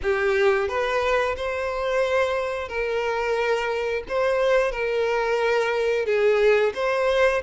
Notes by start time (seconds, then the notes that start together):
0.02 G4
0.68 B4
1.36 C5
2.68 A#4
4.08 C5
4.71 A#4
6.05 G#4
6.74 C5